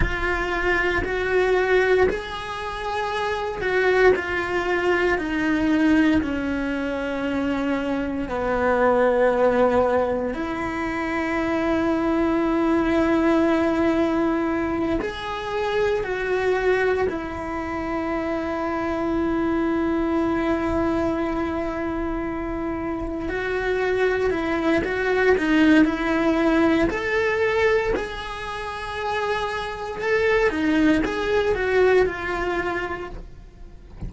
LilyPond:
\new Staff \with { instrumentName = "cello" } { \time 4/4 \tempo 4 = 58 f'4 fis'4 gis'4. fis'8 | f'4 dis'4 cis'2 | b2 e'2~ | e'2~ e'8 gis'4 fis'8~ |
fis'8 e'2.~ e'8~ | e'2~ e'8 fis'4 e'8 | fis'8 dis'8 e'4 a'4 gis'4~ | gis'4 a'8 dis'8 gis'8 fis'8 f'4 | }